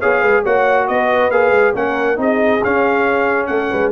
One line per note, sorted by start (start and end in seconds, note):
0.00 0.23 B3
0.00 0.46 G#4
0.00 0.21 C#5
0.00 0.44 F5
0.21 0.45 G#3
0.21 0.43 B4
0.44 0.89 A#3
0.44 1.32 F#4
0.44 0.87 C#5
0.44 0.88 F#5
0.88 1.29 B3
0.88 1.76 B4
0.88 1.31 D#5
1.29 1.51 A#3
1.29 1.75 G#4
1.29 1.74 F5
1.51 1.72 G#3
1.75 2.18 A#3
1.75 2.17 C#4
1.75 2.20 A#4
1.75 2.20 F#5
2.17 2.61 C4
2.17 2.60 D#4
2.17 3.48 G#4
2.17 2.64 D#5
2.64 3.92 C#4
2.64 3.49 C#4
2.64 3.47 F5
3.47 3.71 A3
3.47 3.70 A4
3.47 3.90 F#5
3.71 3.92 G#3
3.71 3.92 B4